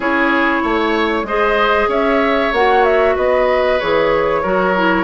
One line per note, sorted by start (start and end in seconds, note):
0.00 0.60 C#4
0.00 1.26 E4
0.00 0.62 G#4
0.00 1.26 C#5
0.62 1.23 A3
0.62 1.26 C#5
1.23 1.86 G#3
1.23 2.54 G#4
1.23 1.89 C5
1.23 1.89 D#5
1.88 2.51 C#4
1.88 3.15 C#5
1.88 2.53 E5
2.52 3.15 A#3
2.52 3.80 F#4
2.52 2.84 F#5
2.84 3.16 E5
3.15 3.80 B3
3.15 4.41 B4
3.15 3.79 D#5
3.79 4.44 E3
3.79 4.43 G#4
3.79 5.04 C#5
4.42 5.04 F#3
4.42 4.75 F#4
4.42 5.04 A#4
4.75 5.04 E4